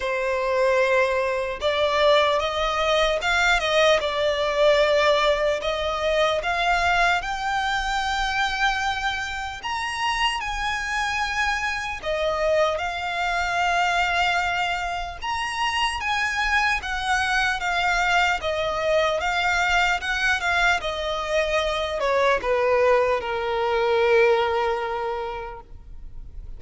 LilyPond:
\new Staff \with { instrumentName = "violin" } { \time 4/4 \tempo 4 = 75 c''2 d''4 dis''4 | f''8 dis''8 d''2 dis''4 | f''4 g''2. | ais''4 gis''2 dis''4 |
f''2. ais''4 | gis''4 fis''4 f''4 dis''4 | f''4 fis''8 f''8 dis''4. cis''8 | b'4 ais'2. | }